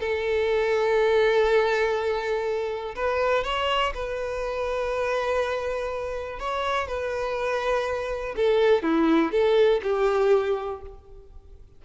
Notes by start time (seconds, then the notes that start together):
0.00 A4
2.95 B4
3.44 C#5
3.94 B4
6.39 C#5
6.87 B4
8.36 A4
8.83 E4
9.32 A4
9.83 G4